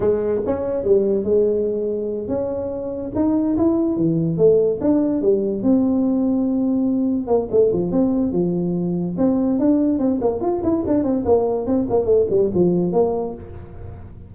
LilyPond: \new Staff \with { instrumentName = "tuba" } { \time 4/4 \tempo 4 = 144 gis4 cis'4 g4 gis4~ | gis4. cis'2 dis'8~ | dis'8 e'4 e4 a4 d'8~ | d'8 g4 c'2~ c'8~ |
c'4. ais8 a8 f8 c'4 | f2 c'4 d'4 | c'8 ais8 f'8 e'8 d'8 c'8 ais4 | c'8 ais8 a8 g8 f4 ais4 | }